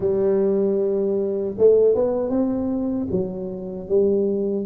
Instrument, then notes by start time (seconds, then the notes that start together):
tuba
0.00 G3
1.58 A3
1.94 B3
2.29 C4
3.11 F#3
3.88 G3